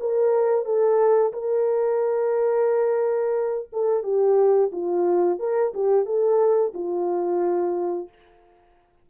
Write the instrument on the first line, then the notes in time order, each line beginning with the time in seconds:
horn
0.00 A#4
0.65 A4
1.33 A#4
3.73 A4
4.03 G4
4.72 F4
5.39 A#4
5.74 G4
6.06 A4
6.74 F4